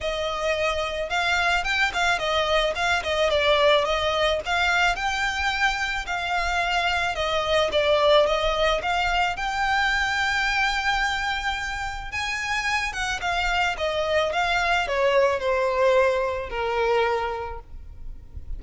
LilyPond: \new Staff \with { instrumentName = "violin" } { \time 4/4 \tempo 4 = 109 dis''2 f''4 g''8 f''8 | dis''4 f''8 dis''8 d''4 dis''4 | f''4 g''2 f''4~ | f''4 dis''4 d''4 dis''4 |
f''4 g''2.~ | g''2 gis''4. fis''8 | f''4 dis''4 f''4 cis''4 | c''2 ais'2 | }